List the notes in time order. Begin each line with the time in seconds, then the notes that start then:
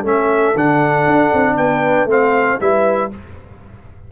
0.00 A3 C#4 A4 E5
0.54 D3 D4 F#5
1.06 D4
1.33 C4
1.56 B3 B4 G5
2.05 A3 C4 C5 F5
2.59 G3 E4 B4 E5